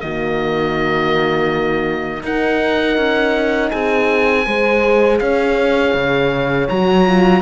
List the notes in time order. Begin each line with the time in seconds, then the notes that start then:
0.00 D#3 A#3 F#4 D#5
2.22 D#4 A#4 F#5
2.97 C#4
3.70 C4 G#4 G#5
4.46 G#3 G#4 C5
5.19 C#4 C#5 F5
5.94 C#3
6.69 F#3 F#4 A#5
7.06 F4